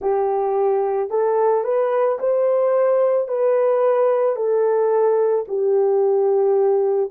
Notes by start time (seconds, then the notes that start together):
0.00 G4
1.10 A4
1.64 B4
2.19 C5
3.28 B4
4.35 A4
5.48 G4